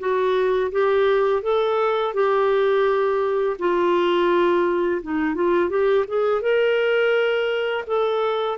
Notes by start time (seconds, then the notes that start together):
0.00 F#4
0.72 G4
1.43 A4
2.14 G4
3.59 F4
5.03 D#4
5.35 F4
5.70 G4
6.08 G#4
6.42 A#4
7.87 A4